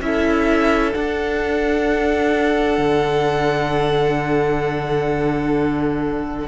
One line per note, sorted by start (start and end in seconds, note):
0.00 0.92 C#4
0.00 0.93 E4
0.00 6.48 A4
0.00 0.93 E5
0.93 6.47 D4
0.93 2.78 D4
0.93 6.47 F#5
2.78 6.47 D3